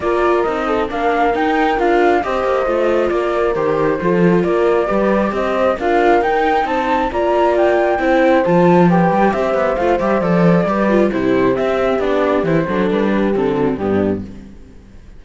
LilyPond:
<<
  \new Staff \with { instrumentName = "flute" } { \time 4/4 \tempo 4 = 135 d''4 dis''4 f''4 g''4 | f''4 dis''2 d''4 | c''2 d''2 | dis''4 f''4 g''4 a''4 |
ais''4 g''2 a''4 | g''4 e''4 f''8 e''8 d''4~ | d''4 c''4 e''4 d''4 | c''4 b'4 a'4 g'4 | }
  \new Staff \with { instrumentName = "horn" } { \time 4/4 ais'4. a'8 ais'2~ | ais'4 c''2 ais'4~ | ais'4 a'4 ais'4 b'4 | c''4 ais'2 c''4 |
d''2 c''2 | b'4 c''2. | b'4 g'2.~ | g'8 a'4 g'4 fis'8 d'4 | }
  \new Staff \with { instrumentName = "viola" } { \time 4/4 f'4 dis'4 d'4 dis'4 | f'4 g'4 f'2 | g'4 f'2 g'4~ | g'4 f'4 dis'2 |
f'2 e'4 f'4 | g'2 f'8 g'8 a'4 | g'8 f'8 e'4 c'4 d'4 | e'8 d'4. c'4 b4 | }
  \new Staff \with { instrumentName = "cello" } { \time 4/4 ais4 c'4 ais4 dis'4 | d'4 c'8 ais8 a4 ais4 | dis4 f4 ais4 g4 | c'4 d'4 dis'4 c'4 |
ais2 c'4 f4~ | f8 g8 c'8 b8 a8 g8 f4 | g4 c4 c'4 b4 | e8 fis8 g4 d4 g,4 | }
>>